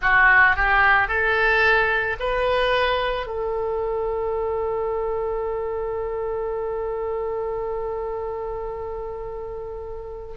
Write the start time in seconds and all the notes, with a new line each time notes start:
0.01 F#4
0.56 G4
1.08 A4
2.19 B4
3.26 A4